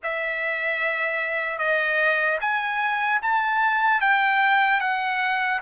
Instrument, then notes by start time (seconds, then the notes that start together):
trumpet
0.03 E5
1.58 D#5
2.40 G#5
3.22 A5
4.00 G5
4.80 F#5